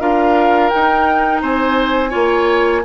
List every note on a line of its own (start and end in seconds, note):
0.00 0.71 D4
0.00 0.72 F4
0.00 1.41 A#4
0.00 0.69 F5
0.69 2.10 D#4
0.69 1.42 D#4
0.69 1.40 G5
1.41 2.13 C4
1.41 2.09 C5
1.41 2.84 G#5
2.09 2.84 A#3
2.09 2.82 F4
2.09 2.81 C#5